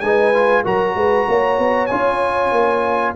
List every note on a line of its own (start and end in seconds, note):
0.00 0.63 G#3
0.00 0.34 D#4
0.00 0.64 B4
0.00 0.62 G#5
0.34 0.64 F4
0.64 0.95 F#3
0.64 1.89 F#4
0.64 0.95 A#4
0.64 1.87 A#5
0.95 1.27 G#3
0.95 1.28 B4
1.28 1.58 A#3
1.28 3.15 C#5
1.58 1.90 B3
1.87 2.52 C#4
1.87 3.15 F4
1.87 3.12 G#5
2.52 3.14 A#3